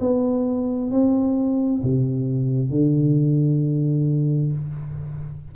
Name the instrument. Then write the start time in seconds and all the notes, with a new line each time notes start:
tuba
0.00 B3
0.90 C4
1.83 C3
2.70 D3